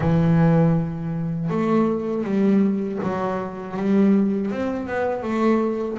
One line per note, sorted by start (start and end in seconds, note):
0.00 1.50 E3
1.50 2.24 A3
2.24 2.99 G3
3.02 3.76 F#3
3.76 4.51 G3
4.51 4.87 C4
4.87 5.23 B3
5.23 5.98 A3